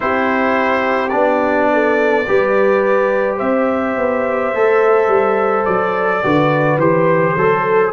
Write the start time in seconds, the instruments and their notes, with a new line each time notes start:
0.00 tuba C4, trombone E4, horn G4, trumpet C5
1.08 tuba B3, trombone D4, trumpet D5
1.73 horn A4
2.26 tuba G3, trombone G4, horn B4
3.36 tuba C4, horn C5, trumpet E5
3.96 tuba B3
4.53 tuba A3, trombone A4
5.07 tuba G3
5.65 tuba F#3, trumpet D5
6.22 tuba D3, trombone F#4, horn B4
6.77 tuba E3, trombone G4, trumpet C5
7.35 tuba F#3, horn A4, trombone A4